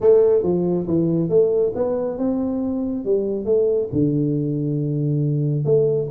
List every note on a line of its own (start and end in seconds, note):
0.00 0.42 A3
0.42 0.86 F3
0.87 1.29 E3
1.29 1.73 A3
1.75 2.18 B3
2.18 3.04 C4
3.04 3.45 G3
3.45 3.88 A3
3.92 5.64 D3
5.64 6.08 A3